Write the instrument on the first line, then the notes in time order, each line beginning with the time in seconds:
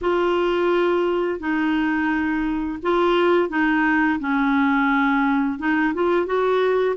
clarinet
0.01 F4
1.39 D#4
2.82 F4
3.49 D#4
4.19 C#4
5.58 D#4
5.93 F4
6.26 F#4